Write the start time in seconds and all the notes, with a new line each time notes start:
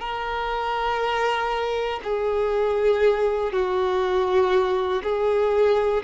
0.00 A#4
2.03 G#4
3.52 F#4
5.03 G#4